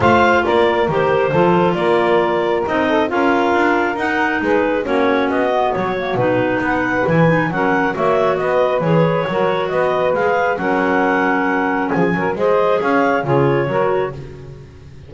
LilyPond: <<
  \new Staff \with { instrumentName = "clarinet" } { \time 4/4 \tempo 4 = 136 f''4 d''4 c''2 | d''2 dis''4 f''4~ | f''4 fis''4 b'4 cis''4 | dis''4 cis''4 b'4 fis''4 |
gis''4 fis''4 e''4 dis''4 | cis''2 dis''4 f''4 | fis''2. gis''4 | dis''4 f''4 cis''2 | }
  \new Staff \with { instrumentName = "saxophone" } { \time 4/4 c''4 ais'2 a'4 | ais'2~ ais'8 a'8 ais'4~ | ais'2 gis'4 fis'4~ | fis'2. b'4~ |
b'4 ais'4 cis''4 b'4~ | b'4 ais'4 b'2 | ais'2. gis'8 ais'8 | c''4 cis''4 gis'4 ais'4 | }
  \new Staff \with { instrumentName = "clarinet" } { \time 4/4 f'2 g'4 f'4~ | f'2 dis'4 f'4~ | f'4 dis'2 cis'4~ | cis'8 b4 ais8 dis'2 |
e'8 dis'8 cis'4 fis'2 | gis'4 fis'2 gis'4 | cis'1 | gis'2 f'4 fis'4 | }
  \new Staff \with { instrumentName = "double bass" } { \time 4/4 a4 ais4 dis4 f4 | ais2 c'4 cis'4 | d'4 dis'4 gis4 ais4 | b4 fis4 b,4 b4 |
e4 fis4 ais4 b4 | e4 fis4 b4 gis4 | fis2. f8 fis8 | gis4 cis'4 cis4 fis4 | }
>>